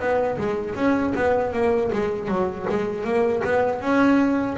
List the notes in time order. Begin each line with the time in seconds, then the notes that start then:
0.00 B3
0.38 G#3
0.76 C#4
1.16 B3
1.53 A#3
1.93 G#3
2.29 F#3
2.70 G#3
3.05 A#3
3.45 B3
3.81 C#4